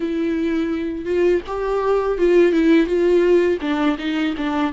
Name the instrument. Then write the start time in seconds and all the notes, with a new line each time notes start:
viola
0.00 E4
1.05 F4
1.47 G4
2.18 F4
2.52 E4
2.86 F4
3.61 D4
3.98 D#4
4.37 D4